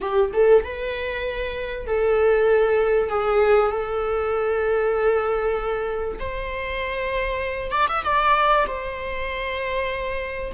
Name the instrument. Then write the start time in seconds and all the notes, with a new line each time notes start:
viola
0.00 G4
0.33 A4
0.64 B4
1.86 A4
3.09 G#4
3.71 A4
6.19 C5
7.71 D5
7.88 E5
8.04 D5
8.67 C5